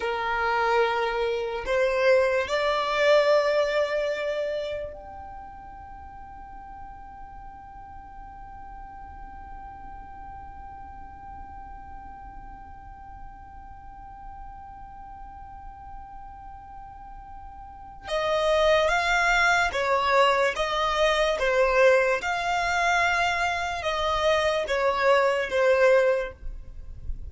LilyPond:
\new Staff \with { instrumentName = "violin" } { \time 4/4 \tempo 4 = 73 ais'2 c''4 d''4~ | d''2 g''2~ | g''1~ | g''1~ |
g''1~ | g''2 dis''4 f''4 | cis''4 dis''4 c''4 f''4~ | f''4 dis''4 cis''4 c''4 | }